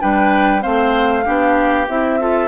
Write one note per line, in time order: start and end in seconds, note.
0.00 0.65 G3
0.00 0.61 D4
0.00 0.62 B4
0.00 0.62 G5
0.61 1.27 A3
0.61 1.24 C4
0.61 1.25 C5
0.61 1.88 F5
1.24 1.89 B3
1.24 1.87 D4
1.24 2.19 G4
1.88 2.48 C4
1.88 2.20 E4
1.88 2.48 E5
2.20 2.48 F4
2.20 2.48 A4